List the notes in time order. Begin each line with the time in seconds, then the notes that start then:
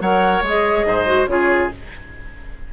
0.00 F#3 A#4 C#5 F#5
0.42 G#3 G#4 D#5
0.85 G#2 C5
1.06 F#4
1.26 C#3 F4 G#4 C#5